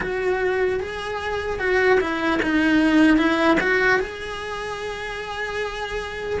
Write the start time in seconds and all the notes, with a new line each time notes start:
0.00 F#4
0.80 G#4
1.59 F#4
2.00 E4
2.42 D#4
3.17 E4
3.60 F#4
3.99 G#4